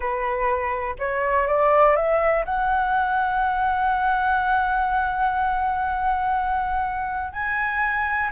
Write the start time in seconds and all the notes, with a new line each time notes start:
0.00 B4
0.98 C#5
1.47 D5
1.95 E5
2.45 F#5
7.32 G#5